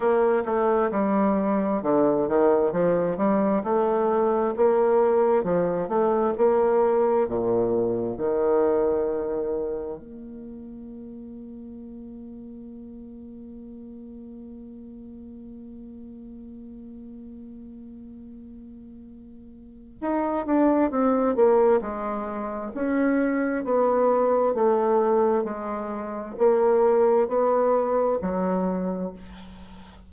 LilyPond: \new Staff \with { instrumentName = "bassoon" } { \time 4/4 \tempo 4 = 66 ais8 a8 g4 d8 dis8 f8 g8 | a4 ais4 f8 a8 ais4 | ais,4 dis2 ais4~ | ais1~ |
ais1~ | ais2 dis'8 d'8 c'8 ais8 | gis4 cis'4 b4 a4 | gis4 ais4 b4 fis4 | }